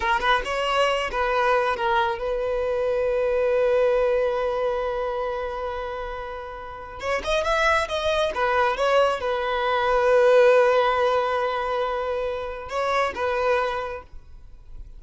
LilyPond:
\new Staff \with { instrumentName = "violin" } { \time 4/4 \tempo 4 = 137 ais'8 b'8 cis''4. b'4. | ais'4 b'2.~ | b'1~ | b'1 |
cis''8 dis''8 e''4 dis''4 b'4 | cis''4 b'2.~ | b'1~ | b'4 cis''4 b'2 | }